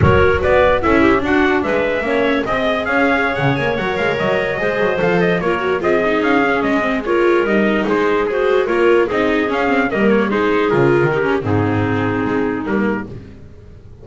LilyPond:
<<
  \new Staff \with { instrumentName = "trumpet" } { \time 4/4 \tempo 4 = 147 cis''4 d''4 e''4 fis''4 | e''2 dis''4 f''4~ | f''16 fis''8 gis''8 fis''8 f''8 dis''4.~ dis''16~ | dis''16 f''8 dis''8 cis''4 dis''4 f''8.~ |
f''16 dis''4 cis''4 dis''4 c''8.~ | c''16 gis'4 cis''4 dis''4 f''8.~ | f''16 dis''8 cis''8 c''4 ais'4.~ ais'16 | gis'2. ais'4 | }
  \new Staff \with { instrumentName = "clarinet" } { \time 4/4 ais'4 b'4 a'8 g'8 fis'4 | b'4 cis''4 dis''4 cis''4~ | cis''2.~ cis''16 c''8.~ | c''4~ c''16 ais'4 gis'4.~ gis'16~ |
gis'4~ gis'16 ais'2 gis'8.~ | gis'16 c''4 ais'4 gis'4.~ gis'16~ | gis'16 ais'4 gis'2 g'8. | dis'1 | }
  \new Staff \with { instrumentName = "viola" } { \time 4/4 fis'2 e'4 d'4~ | d'4 cis'4 gis'2~ | gis'4~ gis'16 ais'2 gis'8.~ | gis'16 a'4 f'8 fis'8 f'8 dis'4 cis'16~ |
cis'8. c'8 f'4 dis'4.~ dis'16~ | dis'16 fis'4 f'4 dis'4 cis'8 c'16~ | c'16 ais4 dis'4 f'4 dis'16 cis'8 | c'2. ais4 | }
  \new Staff \with { instrumentName = "double bass" } { \time 4/4 fis4 b4 cis'4 d'4 | gis4 ais4 c'4 cis'4~ | cis'16 cis8 ais8 fis8 gis8 fis4 gis8 fis16~ | fis16 f4 ais4 c'4 cis'8.~ |
cis'16 gis2 g4 gis8.~ | gis4~ gis16 ais4 c'4 cis'8.~ | cis'16 g4 gis4 cis8. dis4 | gis,2 gis4 g4 | }
>>